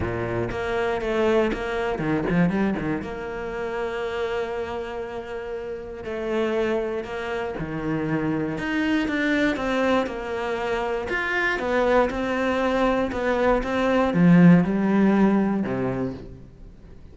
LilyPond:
\new Staff \with { instrumentName = "cello" } { \time 4/4 \tempo 4 = 119 ais,4 ais4 a4 ais4 | dis8 f8 g8 dis8 ais2~ | ais1 | a2 ais4 dis4~ |
dis4 dis'4 d'4 c'4 | ais2 f'4 b4 | c'2 b4 c'4 | f4 g2 c4 | }